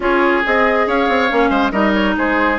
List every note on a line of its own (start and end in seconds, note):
0.00 0.43 C#4
0.00 0.43 F4
0.00 0.87 G#4
0.00 0.45 C#5
0.43 0.87 C4
0.43 1.28 G#4
0.43 0.88 D#5
0.87 1.08 C#4
0.87 1.50 C#5
0.87 1.71 F5
1.08 1.29 C4
1.28 1.50 A#3
1.28 1.72 C#4
1.50 1.71 G#3
1.50 1.71 C5
1.71 2.15 G3
1.71 2.58 D#4
1.71 2.15 A#4
1.71 1.92 D#5
1.93 2.15 C#5
2.17 2.59 G#3
2.17 2.59 G#4
2.17 2.59 C5